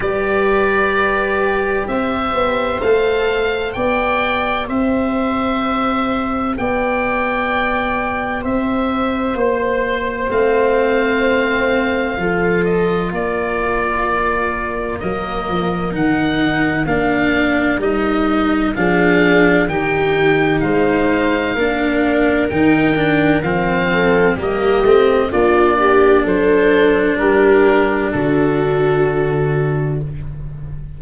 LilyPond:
<<
  \new Staff \with { instrumentName = "oboe" } { \time 4/4 \tempo 4 = 64 d''2 e''4 f''4 | g''4 e''2 g''4~ | g''4 e''4 c''4 f''4~ | f''4. dis''8 d''2 |
dis''4 fis''4 f''4 dis''4 | f''4 g''4 f''2 | g''4 f''4 dis''4 d''4 | c''4 ais'4 a'2 | }
  \new Staff \with { instrumentName = "viola" } { \time 4/4 b'2 c''2 | d''4 c''2 d''4~ | d''4 c''2.~ | c''4 a'4 ais'2~ |
ais'1 | gis'4 g'4 c''4 ais'4~ | ais'4. a'8 g'4 f'8 g'8 | a'4 g'4 fis'2 | }
  \new Staff \with { instrumentName = "cello" } { \time 4/4 g'2. a'4 | g'1~ | g'2. c'4~ | c'4 f'2. |
ais4 dis'4 d'4 dis'4 | d'4 dis'2 d'4 | dis'8 d'8 c'4 ais8 c'8 d'4~ | d'1 | }
  \new Staff \with { instrumentName = "tuba" } { \time 4/4 g2 c'8 b8 a4 | b4 c'2 b4~ | b4 c'4 ais4 a4~ | a4 f4 ais2 |
fis8 f8 dis4 ais4 g4 | f4 dis4 gis4 ais4 | dis4 f4 g8 a8 ais4 | fis4 g4 d2 | }
>>